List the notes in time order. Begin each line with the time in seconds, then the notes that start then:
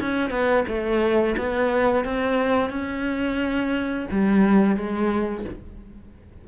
0.00 C#4
0.30 B3
0.68 A3
1.37 B3
2.05 C4
2.70 C#4
4.11 G3
4.76 G#3